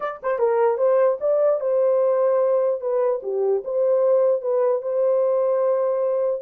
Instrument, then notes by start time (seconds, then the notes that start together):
horn
0.00 D5
0.22 C5
0.38 A#4
0.77 C5
1.20 D5
1.60 C5
2.81 B4
3.23 G4
3.64 C5
4.41 B4
4.82 C5